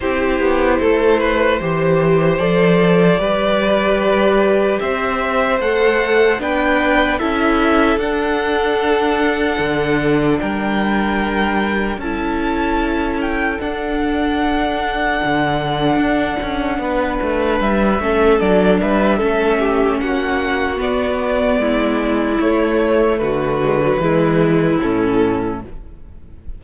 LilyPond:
<<
  \new Staff \with { instrumentName = "violin" } { \time 4/4 \tempo 4 = 75 c''2. d''4~ | d''2 e''4 fis''4 | g''4 e''4 fis''2~ | fis''4 g''2 a''4~ |
a''8 g''8 fis''2.~ | fis''2 e''4 d''8 e''8~ | e''4 fis''4 d''2 | cis''4 b'2 a'4 | }
  \new Staff \with { instrumentName = "violin" } { \time 4/4 g'4 a'8 b'8 c''2 | b'2 c''2 | b'4 a'2.~ | a'4 ais'2 a'4~ |
a'1~ | a'4 b'4. a'4 b'8 | a'8 g'8 fis'2 e'4~ | e'4 fis'4 e'2 | }
  \new Staff \with { instrumentName = "viola" } { \time 4/4 e'2 g'4 a'4 | g'2. a'4 | d'4 e'4 d'2~ | d'2. e'4~ |
e'4 d'2.~ | d'2~ d'8 cis'8 d'4 | cis'2 b2 | a4. gis16 fis16 gis4 cis'4 | }
  \new Staff \with { instrumentName = "cello" } { \time 4/4 c'8 b8 a4 e4 f4 | g2 c'4 a4 | b4 cis'4 d'2 | d4 g2 cis'4~ |
cis'4 d'2 d4 | d'8 cis'8 b8 a8 g8 a8 fis8 g8 | a4 ais4 b4 gis4 | a4 d4 e4 a,4 | }
>>